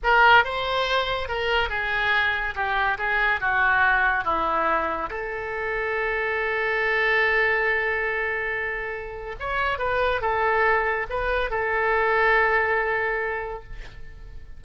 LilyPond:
\new Staff \with { instrumentName = "oboe" } { \time 4/4 \tempo 4 = 141 ais'4 c''2 ais'4 | gis'2 g'4 gis'4 | fis'2 e'2 | a'1~ |
a'1~ | a'2 cis''4 b'4 | a'2 b'4 a'4~ | a'1 | }